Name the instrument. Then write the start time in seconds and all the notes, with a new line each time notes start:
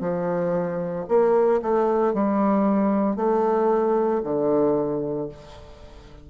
bassoon
0.00 F3
1.08 A#3
1.62 A3
2.13 G3
3.16 A3
4.23 D3